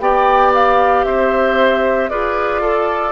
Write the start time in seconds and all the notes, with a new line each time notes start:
0.00 B3 G4 D5 G5
0.54 F5
1.05 C4 C5 E5
2.10 F4 G#4 B4 D5
2.62 A4